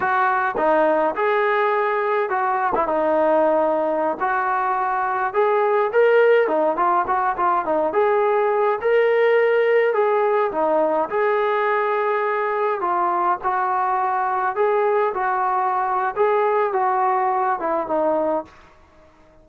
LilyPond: \new Staff \with { instrumentName = "trombone" } { \time 4/4 \tempo 4 = 104 fis'4 dis'4 gis'2 | fis'8. e'16 dis'2~ dis'16 fis'8.~ | fis'4~ fis'16 gis'4 ais'4 dis'8 f'16~ | f'16 fis'8 f'8 dis'8 gis'4. ais'8.~ |
ais'4~ ais'16 gis'4 dis'4 gis'8.~ | gis'2~ gis'16 f'4 fis'8.~ | fis'4~ fis'16 gis'4 fis'4.~ fis'16 | gis'4 fis'4. e'8 dis'4 | }